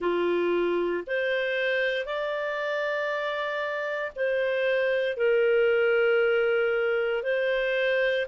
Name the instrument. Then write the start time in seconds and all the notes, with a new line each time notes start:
clarinet
0.00 F4
1.06 C5
2.05 D5
4.15 C5
5.17 A#4
7.22 C5